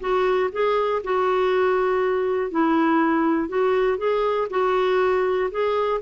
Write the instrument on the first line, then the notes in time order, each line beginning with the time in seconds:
clarinet
0.00 F#4
0.52 G#4
1.04 F#4
2.51 E4
3.49 F#4
3.98 G#4
4.50 F#4
5.51 G#4